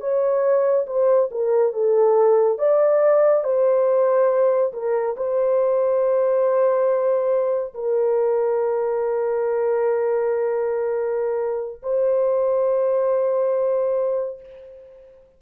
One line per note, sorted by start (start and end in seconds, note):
0.00 0.86 C#5
0.86 1.29 C5
1.31 1.73 A#4
1.73 2.58 A4
2.58 3.44 D5
3.44 4.72 C5
4.73 5.16 A#4
5.17 7.74 C5
7.74 11.81 A#4
11.82 14.40 C5